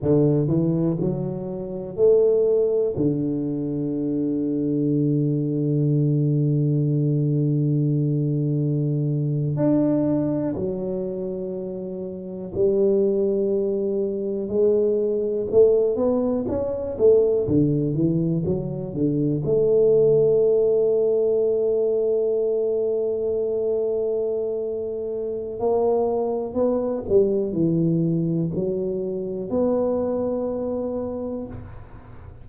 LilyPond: \new Staff \with { instrumentName = "tuba" } { \time 4/4 \tempo 4 = 61 d8 e8 fis4 a4 d4~ | d1~ | d4.~ d16 d'4 fis4~ fis16~ | fis8. g2 gis4 a16~ |
a16 b8 cis'8 a8 d8 e8 fis8 d8 a16~ | a1~ | a2 ais4 b8 g8 | e4 fis4 b2 | }